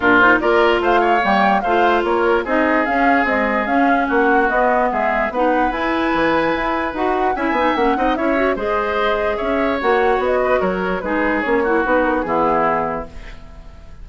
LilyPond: <<
  \new Staff \with { instrumentName = "flute" } { \time 4/4 \tempo 4 = 147 ais'8 c''8 d''4 f''4 g''4 | f''4 cis''4 dis''4 f''4 | dis''4 f''4 fis''4 dis''4 | e''4 fis''4 gis''2~ |
gis''4 fis''4 gis''4 fis''4 | e''4 dis''2 e''4 | fis''4 dis''4 cis''4 b'4 | cis''4 b'8 ais'8 gis'2 | }
  \new Staff \with { instrumentName = "oboe" } { \time 4/4 f'4 ais'4 c''8 cis''4. | c''4 ais'4 gis'2~ | gis'2 fis'2 | gis'4 b'2.~ |
b'2 e''4. dis''8 | cis''4 c''2 cis''4~ | cis''4. b'8 ais'4 gis'4~ | gis'8 fis'4. e'2 | }
  \new Staff \with { instrumentName = "clarinet" } { \time 4/4 d'8 dis'8 f'2 ais4 | f'2 dis'4 cis'4 | gis4 cis'2 b4~ | b4 dis'4 e'2~ |
e'4 fis'4 e'8 dis'8 cis'8 dis'8 | e'8 fis'8 gis'2. | fis'2. dis'4 | cis'8 e'8 dis'4 b2 | }
  \new Staff \with { instrumentName = "bassoon" } { \time 4/4 ais,4 ais4 a4 g4 | a4 ais4 c'4 cis'4 | c'4 cis'4 ais4 b4 | gis4 b4 e'4 e4 |
e'4 dis'4 cis'8 b8 ais8 c'8 | cis'4 gis2 cis'4 | ais4 b4 fis4 gis4 | ais4 b4 e2 | }
>>